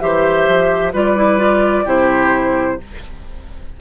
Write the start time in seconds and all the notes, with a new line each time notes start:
0.00 E3 G4 C5 E5
0.48 F3
0.93 G3 F4 B4 D5
1.17 E4
1.39 F4
1.85 C3 E4 G4 C5